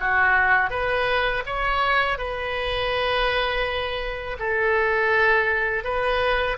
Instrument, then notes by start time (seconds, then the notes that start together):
oboe
0.00 F#4
0.70 B4
1.46 C#5
2.18 B4
4.39 A4
5.84 B4